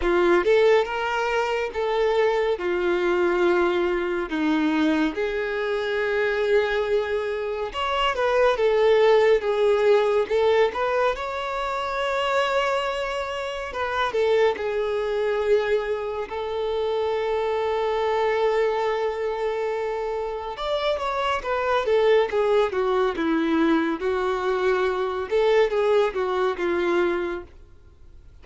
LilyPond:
\new Staff \with { instrumentName = "violin" } { \time 4/4 \tempo 4 = 70 f'8 a'8 ais'4 a'4 f'4~ | f'4 dis'4 gis'2~ | gis'4 cis''8 b'8 a'4 gis'4 | a'8 b'8 cis''2. |
b'8 a'8 gis'2 a'4~ | a'1 | d''8 cis''8 b'8 a'8 gis'8 fis'8 e'4 | fis'4. a'8 gis'8 fis'8 f'4 | }